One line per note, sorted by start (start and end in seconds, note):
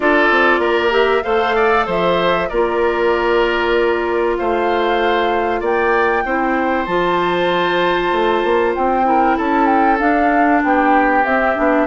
0.00 0.31 D4
0.00 0.90 F4
0.00 0.60 A4
0.00 0.92 D5
0.31 0.59 C4
0.59 1.21 A#3
0.59 1.23 A#4
0.90 1.21 G4
0.90 1.23 E5
1.23 1.87 A3
1.23 2.48 A4
1.23 1.55 C5
1.23 1.85 F5
1.55 1.86 D5
1.86 2.49 F3
1.86 2.48 C5
1.86 2.48 E5
2.48 4.38 A#3
2.48 6.25 F4
2.48 4.37 A#4
2.48 4.36 D5
4.37 5.61 A3
4.37 5.60 C5
4.37 5.62 F5
5.60 6.23 A#3
5.60 6.22 D5
5.60 6.86 G5
6.24 6.87 C4
6.24 6.88 E4
6.24 9.07 C5
6.86 8.11 F3
6.86 9.04 F4
6.86 8.73 A5
8.11 8.43 A3
8.43 8.75 A#3
8.74 9.38 C4
8.74 9.37 G5
9.04 9.97 E4
9.04 9.37 A#4
9.37 10.00 C#4
9.37 10.62 A4
9.37 9.66 A5
9.66 9.97 G5
9.99 11.24 D4
9.99 10.62 D4
9.99 10.62 F5
10.63 11.24 B3
10.63 11.86 G4
10.63 11.25 G5
11.24 11.55 C4
11.24 11.56 C4
11.24 11.86 E5
11.56 11.86 B3
11.56 11.86 D4